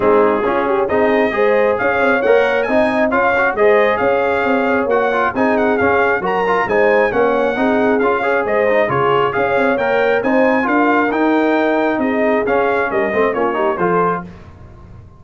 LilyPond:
<<
  \new Staff \with { instrumentName = "trumpet" } { \time 4/4 \tempo 4 = 135 gis'2 dis''2 | f''4 fis''4 gis''4 f''4 | dis''4 f''2 fis''4 | gis''8 fis''8 f''4 ais''4 gis''4 |
fis''2 f''4 dis''4 | cis''4 f''4 g''4 gis''4 | f''4 g''2 dis''4 | f''4 dis''4 cis''4 c''4 | }
  \new Staff \with { instrumentName = "horn" } { \time 4/4 dis'4 f'8 g'8 gis'4 c''4 | cis''2 dis''4 cis''4 | c''4 cis''2. | gis'2 ais'4 c''4 |
cis''4 gis'4. cis''8 c''4 | gis'4 cis''2 c''4 | ais'2. gis'4~ | gis'4 ais'8 c''8 f'8 g'8 a'4 | }
  \new Staff \with { instrumentName = "trombone" } { \time 4/4 c'4 cis'4 dis'4 gis'4~ | gis'4 ais'4 dis'4 f'8 fis'8 | gis'2. fis'8 f'8 | dis'4 cis'4 fis'8 f'8 dis'4 |
cis'4 dis'4 f'8 gis'4 dis'8 | f'4 gis'4 ais'4 dis'4 | f'4 dis'2. | cis'4. c'8 cis'8 dis'8 f'4 | }
  \new Staff \with { instrumentName = "tuba" } { \time 4/4 gis4 cis'4 c'4 gis4 | cis'8 c'8 ais4 c'4 cis'4 | gis4 cis'4 c'4 ais4 | c'4 cis'4 fis4 gis4 |
ais4 c'4 cis'4 gis4 | cis4 cis'8 c'8 ais4 c'4 | d'4 dis'2 c'4 | cis'4 g8 a8 ais4 f4 | }
>>